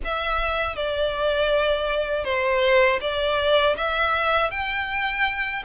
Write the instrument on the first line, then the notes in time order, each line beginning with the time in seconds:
violin
0.04 E5
0.75 D5
2.24 C5
3.00 D5
3.76 E5
4.50 G5